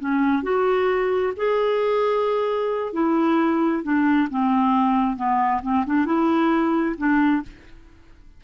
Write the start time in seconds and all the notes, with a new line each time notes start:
0.00 C#4
0.43 F#4
1.37 G#4
2.93 E4
3.83 D4
4.31 C4
5.17 B3
5.63 C4
5.86 D4
6.06 E4
6.98 D4